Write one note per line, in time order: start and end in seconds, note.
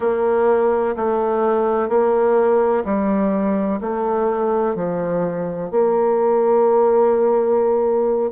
0.00 0.95 A#3
0.96 1.88 A3
1.88 2.84 A#3
2.84 3.80 G3
3.81 4.75 A3
4.75 5.70 F3
5.70 8.31 A#3